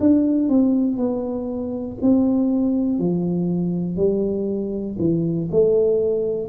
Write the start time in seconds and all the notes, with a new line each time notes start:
0.00 D4
0.49 C4
0.97 B3
2.02 C4
2.99 F3
3.97 G3
4.99 E3
5.51 A3